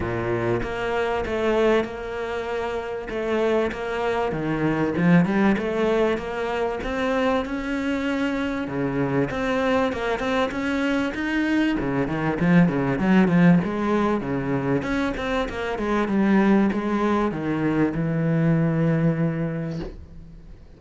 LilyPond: \new Staff \with { instrumentName = "cello" } { \time 4/4 \tempo 4 = 97 ais,4 ais4 a4 ais4~ | ais4 a4 ais4 dis4 | f8 g8 a4 ais4 c'4 | cis'2 cis4 c'4 |
ais8 c'8 cis'4 dis'4 cis8 dis8 | f8 cis8 fis8 f8 gis4 cis4 | cis'8 c'8 ais8 gis8 g4 gis4 | dis4 e2. | }